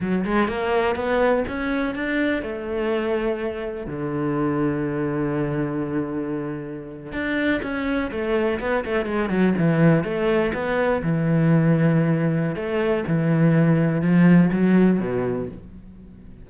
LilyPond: \new Staff \with { instrumentName = "cello" } { \time 4/4 \tempo 4 = 124 fis8 gis8 ais4 b4 cis'4 | d'4 a2. | d1~ | d2~ d8. d'4 cis'16~ |
cis'8. a4 b8 a8 gis8 fis8 e16~ | e8. a4 b4 e4~ e16~ | e2 a4 e4~ | e4 f4 fis4 b,4 | }